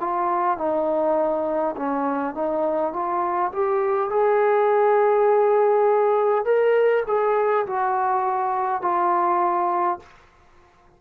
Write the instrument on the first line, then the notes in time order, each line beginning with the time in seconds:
trombone
0.00 F4
0.58 D#4
1.76 C#4
2.35 D#4
2.93 F4
3.52 G4
4.10 G#4
6.45 A#4
7.07 G#4
7.67 F#4
8.82 F4